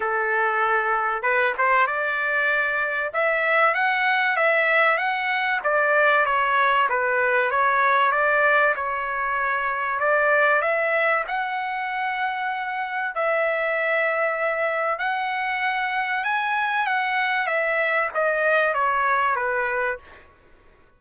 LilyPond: \new Staff \with { instrumentName = "trumpet" } { \time 4/4 \tempo 4 = 96 a'2 b'8 c''8 d''4~ | d''4 e''4 fis''4 e''4 | fis''4 d''4 cis''4 b'4 | cis''4 d''4 cis''2 |
d''4 e''4 fis''2~ | fis''4 e''2. | fis''2 gis''4 fis''4 | e''4 dis''4 cis''4 b'4 | }